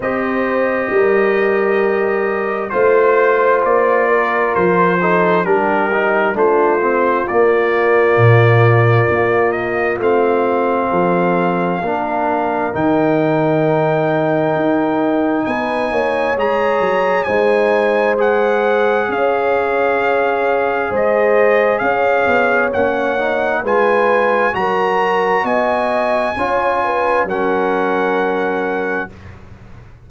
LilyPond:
<<
  \new Staff \with { instrumentName = "trumpet" } { \time 4/4 \tempo 4 = 66 dis''2. c''4 | d''4 c''4 ais'4 c''4 | d''2~ d''8 dis''8 f''4~ | f''2 g''2~ |
g''4 gis''4 ais''4 gis''4 | fis''4 f''2 dis''4 | f''4 fis''4 gis''4 ais''4 | gis''2 fis''2 | }
  \new Staff \with { instrumentName = "horn" } { \time 4/4 c''4 ais'2 c''4~ | c''8 ais'4 a'8 g'4 f'4~ | f'1 | a'4 ais'2.~ |
ais'4 b'8 cis''4. c''4~ | c''4 cis''2 c''4 | cis''2 b'4 ais'4 | dis''4 cis''8 b'8 ais'2 | }
  \new Staff \with { instrumentName = "trombone" } { \time 4/4 g'2. f'4~ | f'4. dis'8 d'8 dis'8 d'8 c'8 | ais2. c'4~ | c'4 d'4 dis'2~ |
dis'2 gis'4 dis'4 | gis'1~ | gis'4 cis'8 dis'8 f'4 fis'4~ | fis'4 f'4 cis'2 | }
  \new Staff \with { instrumentName = "tuba" } { \time 4/4 c'4 g2 a4 | ais4 f4 g4 a4 | ais4 ais,4 ais4 a4 | f4 ais4 dis2 |
dis'4 b8 ais8 gis8 fis8 gis4~ | gis4 cis'2 gis4 | cis'8 b8 ais4 gis4 fis4 | b4 cis'4 fis2 | }
>>